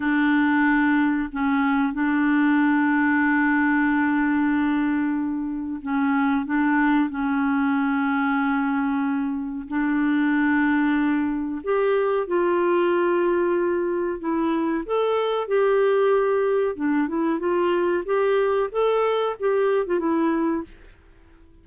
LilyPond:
\new Staff \with { instrumentName = "clarinet" } { \time 4/4 \tempo 4 = 93 d'2 cis'4 d'4~ | d'1~ | d'4 cis'4 d'4 cis'4~ | cis'2. d'4~ |
d'2 g'4 f'4~ | f'2 e'4 a'4 | g'2 d'8 e'8 f'4 | g'4 a'4 g'8. f'16 e'4 | }